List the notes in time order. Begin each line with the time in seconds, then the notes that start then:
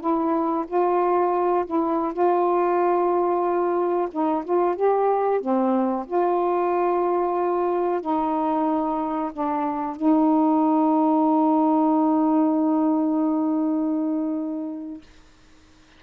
0.00 E4
0.67 F4
1.66 E4
2.13 F4
4.11 D#4
4.45 F4
4.76 G4
5.41 C4
6.07 F4
8.01 D#4
9.33 D4
9.96 D#4